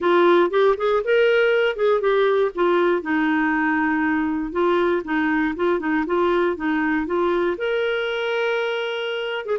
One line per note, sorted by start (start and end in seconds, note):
0.00 0.50 F4
0.50 0.75 G4
0.77 1.02 G#4
1.04 1.76 A#4
1.76 2.00 G#4
2.00 2.51 G4
2.54 3.02 F4
3.02 4.51 D#4
4.51 5.02 F4
5.04 5.54 D#4
5.56 5.79 F4
5.79 6.05 D#4
6.06 6.56 F4
6.56 7.06 D#4
7.06 7.57 F4
7.57 9.45 A#4
9.45 9.58 G#4